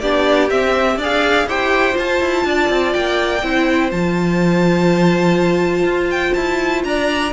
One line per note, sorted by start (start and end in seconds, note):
0.00 0.51 B3
0.00 0.50 D4
0.00 0.98 G4
0.00 0.49 D5
0.50 0.98 C4
0.50 0.97 C4
0.50 0.99 E5
0.97 1.46 D4
0.97 1.49 G#4
0.97 1.46 D5
1.04 1.49 F5
1.47 1.95 E4
1.47 1.93 G4
1.47 2.46 C5
1.47 1.98 G5
1.93 3.39 F4
1.93 2.21 F4
1.93 2.93 A5
2.21 2.45 E4
2.45 2.70 D4
2.45 3.46 D5
2.70 2.94 C4
2.93 3.43 A#3
2.93 3.91 G5
3.43 3.92 C4
3.43 3.91 E4
3.43 6.88 C5
3.91 5.84 F3
3.91 7.33 F4
3.91 6.11 A5
5.84 6.33 F4
6.11 6.34 G5
6.34 6.84 E4
6.34 6.83 A5
6.84 7.33 D4
6.84 7.33 D5
6.84 7.33 A#5